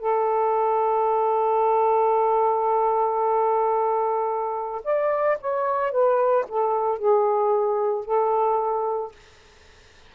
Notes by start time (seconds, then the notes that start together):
0.00 A4
4.85 D5
5.41 C#5
5.92 B4
6.49 A4
6.99 G#4
8.05 A4